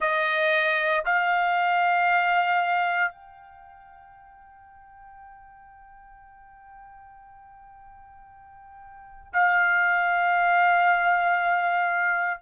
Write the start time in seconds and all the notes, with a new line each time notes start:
0.00 D#5
1.05 F5
3.11 G5
9.33 F5